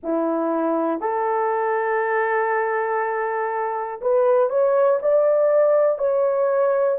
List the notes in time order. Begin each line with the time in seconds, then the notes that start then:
0.03 E4
1.00 A4
4.00 B4
4.50 C#5
5.01 D5
5.98 C#5